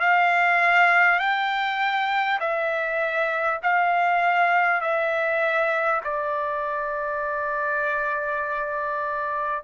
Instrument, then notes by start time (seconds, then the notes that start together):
trumpet
0.00 F5
1.19 G5
2.39 E5
3.63 F5
4.81 E5
6.03 D5